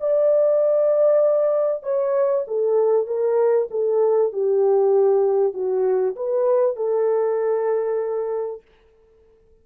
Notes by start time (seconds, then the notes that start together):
0.00 D5
1.83 C#5
2.47 A4
3.06 A#4
3.70 A4
4.32 G4
5.53 F#4
6.15 B4
6.76 A4